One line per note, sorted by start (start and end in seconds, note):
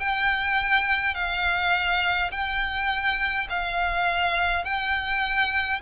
0.00 1.15 G5
1.15 2.31 F5
2.32 3.48 G5
3.50 4.65 F5
4.65 5.81 G5